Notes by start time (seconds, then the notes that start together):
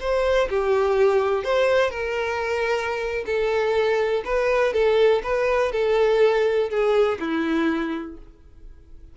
0.00 C5
0.50 G4
1.44 C5
1.90 A#4
3.26 A4
4.25 B4
4.73 A4
5.23 B4
5.72 A4
6.70 G#4
7.20 E4